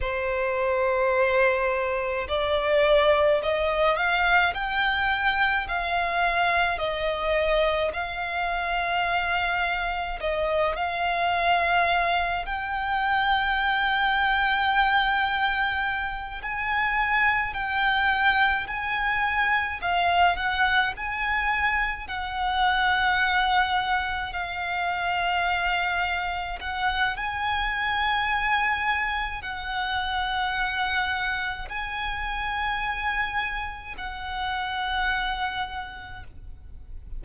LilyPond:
\new Staff \with { instrumentName = "violin" } { \time 4/4 \tempo 4 = 53 c''2 d''4 dis''8 f''8 | g''4 f''4 dis''4 f''4~ | f''4 dis''8 f''4. g''4~ | g''2~ g''8 gis''4 g''8~ |
g''8 gis''4 f''8 fis''8 gis''4 fis''8~ | fis''4. f''2 fis''8 | gis''2 fis''2 | gis''2 fis''2 | }